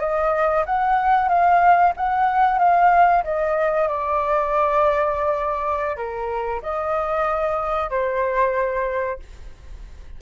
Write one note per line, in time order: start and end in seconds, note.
0.00 0.65 D#5
0.66 1.29 F#5
1.29 1.93 F5
1.96 2.59 F#5
2.59 3.23 F5
3.24 3.88 D#5
3.88 5.97 D5
5.97 6.61 A#4
6.62 7.90 D#5
7.90 9.19 C5